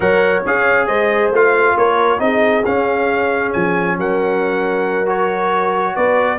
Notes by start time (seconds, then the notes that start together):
0.00 F#3 A#4 C#5 F#5
0.45 C#4 G#4 F5
0.86 G#3 C5 D#5
1.31 A3 F4 F5
1.76 A#3 A#4 C#5
2.18 C4 D#4 G#4 D#5
2.65 C#4 F5
3.52 F3 G#5
3.97 F#3 A#4 F#5
5.06 F#4 C#5
5.95 B3 B4 D5